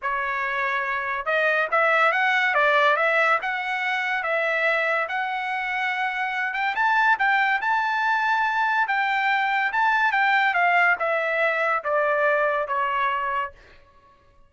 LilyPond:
\new Staff \with { instrumentName = "trumpet" } { \time 4/4 \tempo 4 = 142 cis''2. dis''4 | e''4 fis''4 d''4 e''4 | fis''2 e''2 | fis''2.~ fis''8 g''8 |
a''4 g''4 a''2~ | a''4 g''2 a''4 | g''4 f''4 e''2 | d''2 cis''2 | }